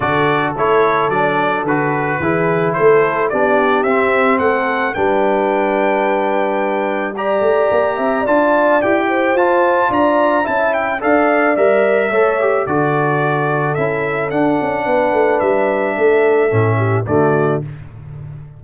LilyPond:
<<
  \new Staff \with { instrumentName = "trumpet" } { \time 4/4 \tempo 4 = 109 d''4 cis''4 d''4 b'4~ | b'4 c''4 d''4 e''4 | fis''4 g''2.~ | g''4 ais''2 a''4 |
g''4 a''4 ais''4 a''8 g''8 | f''4 e''2 d''4~ | d''4 e''4 fis''2 | e''2. d''4 | }
  \new Staff \with { instrumentName = "horn" } { \time 4/4 a'1 | gis'4 a'4 g'2 | a'4 b'2.~ | b'4 d''4. e''8 d''4~ |
d''8 c''4. d''4 e''4 | d''2 cis''4 a'4~ | a'2. b'4~ | b'4 a'4. g'8 fis'4 | }
  \new Staff \with { instrumentName = "trombone" } { \time 4/4 fis'4 e'4 d'4 fis'4 | e'2 d'4 c'4~ | c'4 d'2.~ | d'4 g'2 f'4 |
g'4 f'2 e'4 | a'4 ais'4 a'8 g'8 fis'4~ | fis'4 e'4 d'2~ | d'2 cis'4 a4 | }
  \new Staff \with { instrumentName = "tuba" } { \time 4/4 d4 a4 fis4 d4 | e4 a4 b4 c'4 | a4 g2.~ | g4. a8 ais8 c'8 d'4 |
e'4 f'4 d'4 cis'4 | d'4 g4 a4 d4~ | d4 cis'4 d'8 cis'8 b8 a8 | g4 a4 a,4 d4 | }
>>